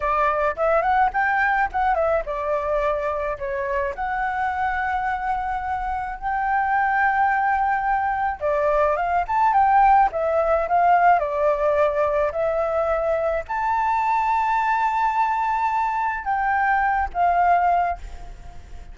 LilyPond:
\new Staff \with { instrumentName = "flute" } { \time 4/4 \tempo 4 = 107 d''4 e''8 fis''8 g''4 fis''8 e''8 | d''2 cis''4 fis''4~ | fis''2. g''4~ | g''2. d''4 |
f''8 a''8 g''4 e''4 f''4 | d''2 e''2 | a''1~ | a''4 g''4. f''4. | }